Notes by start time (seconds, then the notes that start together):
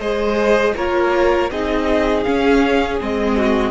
0.00 G#3 G#4 C5 D#5
0.77 A#3 F4 A#4 C#5
1.51 C4 D#4 G#4 D#5
2.24 C#4 F5
3.01 G#3 C4 D#5
3.37 F#4